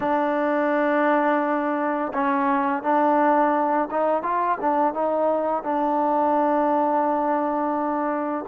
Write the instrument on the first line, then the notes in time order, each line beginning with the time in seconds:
trombone
0.00 D4
2.13 C#4
2.82 D4
3.90 D#4
4.22 F4
4.61 D4
4.93 D#4
5.63 D4